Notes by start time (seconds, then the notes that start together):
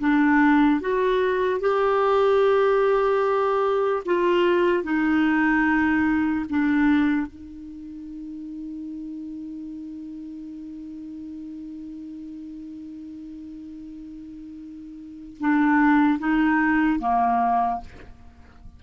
0.00 D4
0.81 F#4
1.61 G4
4.06 F4
4.84 D#4
6.49 D4
7.27 D#4
15.40 D4
16.19 D#4
17.00 A#3